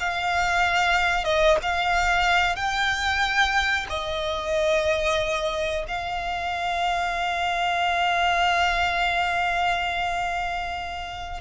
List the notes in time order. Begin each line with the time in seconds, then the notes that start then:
0.00 F5
1.24 D#5
1.62 F5
2.56 G5
3.89 D#5
5.88 F5